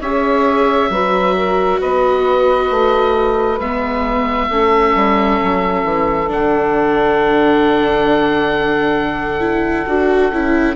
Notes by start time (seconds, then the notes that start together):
0.00 C#4 G#4 C#5 E5
0.90 F#3 F#4 B4
1.36 A#4
1.79 B3 B4 D#5
2.71 A3
3.60 G#3 B3 E5
4.50 A3 C#4 A4
4.95 G3
5.43 F#3
5.83 E3
6.28 D3 D4 F#5
9.40 E4
9.86 D4 F#4
10.31 C#4 E4